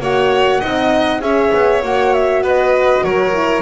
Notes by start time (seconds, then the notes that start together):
0.00 A#3 F#4 C#5 F#5
0.60 C4 D#4 D#5
1.21 C#4 G#4 C#5 E5
1.54 B3
1.82 A#3 F#4 F#5
2.14 E5
2.42 B3 B4 D#5
3.03 F#3 A#4 C#5
3.33 E4